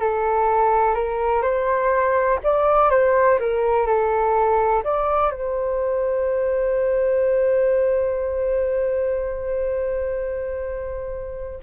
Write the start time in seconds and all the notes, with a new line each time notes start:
0.00 A4
0.94 A#4
1.42 C5
2.43 D5
2.90 C5
3.39 A#4
3.87 A4
4.84 D5
5.31 C5